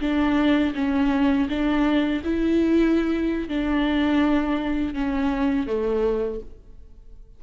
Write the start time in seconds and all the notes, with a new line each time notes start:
0.00 D4
0.75 C#4
1.49 D4
2.24 E4
3.48 D4
4.94 C#4
5.66 A3